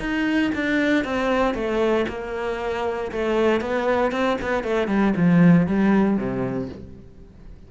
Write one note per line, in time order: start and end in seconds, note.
0.00 0.51 D#4
0.55 1.05 D4
1.05 1.55 C4
1.55 2.06 A3
2.09 3.11 A#3
3.12 3.61 A3
3.61 4.12 B3
4.12 4.38 C4
4.42 4.64 B3
4.64 4.88 A3
4.88 5.14 G3
5.17 5.67 F3
5.67 6.18 G3
6.18 6.69 C3